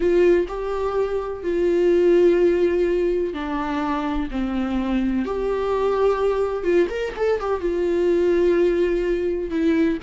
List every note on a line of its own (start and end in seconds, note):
0.00 0.46 F4
0.48 1.43 G4
1.43 3.33 F4
3.33 4.29 D4
4.30 5.25 C4
5.25 6.63 G4
6.63 6.87 F4
6.89 7.13 A#4
7.16 7.40 A4
7.40 7.60 G4
7.60 9.50 F4
9.50 9.97 E4